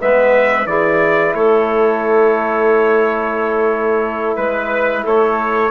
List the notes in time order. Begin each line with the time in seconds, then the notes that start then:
0.00 G#3 B3 B4 E5
0.66 E3 E4 G#4 D5
1.34 A3 A4 C#5
4.36 G#3 B4
5.04 A3 A4 C#5